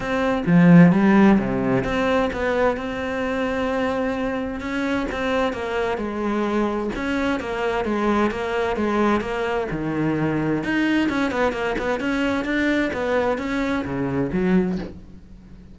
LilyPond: \new Staff \with { instrumentName = "cello" } { \time 4/4 \tempo 4 = 130 c'4 f4 g4 c4 | c'4 b4 c'2~ | c'2 cis'4 c'4 | ais4 gis2 cis'4 |
ais4 gis4 ais4 gis4 | ais4 dis2 dis'4 | cis'8 b8 ais8 b8 cis'4 d'4 | b4 cis'4 cis4 fis4 | }